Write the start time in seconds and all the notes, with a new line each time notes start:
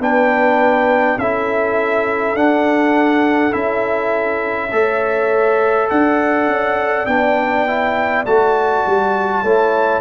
0.00 B3 D4 B4 G5
1.18 C#4 E4 A4 E5
2.34 D4 F#5
3.51 C#4 E4 E5
4.72 A3 A4 C#5
5.90 D4 D5 F#5
6.47 C#4
7.06 B3 D4 G5
7.67 E4
8.26 A3 F#4 A5
8.87 G3
9.43 A3 E4 C#5